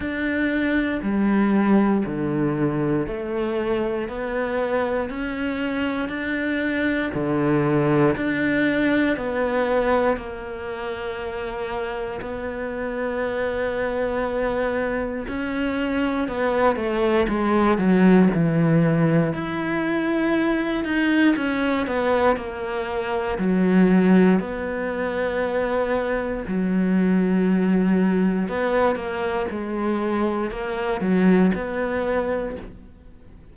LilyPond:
\new Staff \with { instrumentName = "cello" } { \time 4/4 \tempo 4 = 59 d'4 g4 d4 a4 | b4 cis'4 d'4 d4 | d'4 b4 ais2 | b2. cis'4 |
b8 a8 gis8 fis8 e4 e'4~ | e'8 dis'8 cis'8 b8 ais4 fis4 | b2 fis2 | b8 ais8 gis4 ais8 fis8 b4 | }